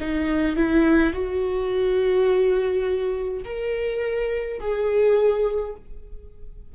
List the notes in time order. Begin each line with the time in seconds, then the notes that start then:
0.00 D#4
0.56 E4
1.13 F#4
3.44 A#4
4.59 G#4